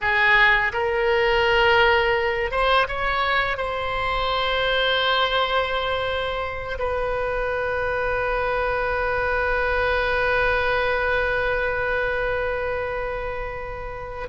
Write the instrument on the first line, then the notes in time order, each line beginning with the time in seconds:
oboe
0.01 G#4
0.72 A#4
2.51 C5
2.88 C#5
3.57 C5
6.78 B4